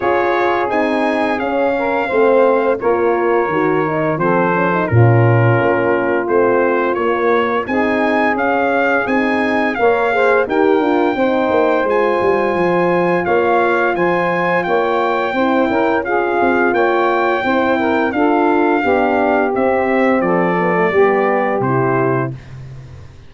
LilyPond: <<
  \new Staff \with { instrumentName = "trumpet" } { \time 4/4 \tempo 4 = 86 cis''4 gis''4 f''2 | cis''2 c''4 ais'4~ | ais'4 c''4 cis''4 gis''4 | f''4 gis''4 f''4 g''4~ |
g''4 gis''2 f''4 | gis''4 g''2 f''4 | g''2 f''2 | e''4 d''2 c''4 | }
  \new Staff \with { instrumentName = "saxophone" } { \time 4/4 gis'2~ gis'8 ais'8 c''4 | ais'2 a'4 f'4~ | f'2. gis'4~ | gis'2 cis''8 c''8 ais'4 |
c''2. cis''4 | c''4 cis''4 c''8 ais'8 gis'4 | cis''4 c''8 ais'8 a'4 g'4~ | g'4 a'4 g'2 | }
  \new Staff \with { instrumentName = "horn" } { \time 4/4 f'4 dis'4 cis'4 c'4 | f'4 fis'8 dis'8 c'8 cis'16 dis'16 cis'4~ | cis'4 c'4 ais4 dis'4 | cis'4 dis'4 ais'8 gis'8 g'8 f'8 |
dis'4 f'2.~ | f'2 e'4 f'4~ | f'4 e'4 f'4 d'4 | c'4. b16 a16 b4 e'4 | }
  \new Staff \with { instrumentName = "tuba" } { \time 4/4 cis'4 c'4 cis'4 a4 | ais4 dis4 f4 ais,4 | ais4 a4 ais4 c'4 | cis'4 c'4 ais4 dis'8 d'8 |
c'8 ais8 gis8 g8 f4 ais4 | f4 ais4 c'8 cis'4 c'8 | ais4 c'4 d'4 b4 | c'4 f4 g4 c4 | }
>>